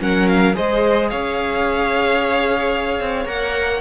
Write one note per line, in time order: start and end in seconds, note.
0.00 0.56 F#3
0.00 0.54 C#4
0.00 0.56 A#4
0.00 0.28 F#5
0.28 0.55 F5
0.54 1.12 G#3
0.54 3.26 G#4
0.54 1.10 C5
0.54 1.10 D#5
1.10 3.00 C#4
1.10 3.81 C#5
1.10 3.28 F5
3.00 3.25 C4
3.25 3.80 A#3
3.25 3.81 A#4
3.25 3.81 F#5